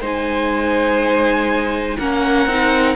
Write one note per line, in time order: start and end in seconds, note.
0.00 1.97 G#3
0.00 1.99 D#4
0.00 1.97 C5
0.00 1.98 G#5
1.98 2.46 A#3
1.98 2.49 C#4
1.98 2.96 A#4
1.98 2.96 F#5
2.46 2.95 C4
2.46 2.96 D#4